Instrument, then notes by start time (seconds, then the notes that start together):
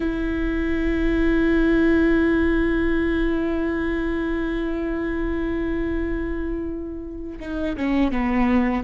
viola
0.00 E4
7.40 D#4
7.76 C#4
8.11 B3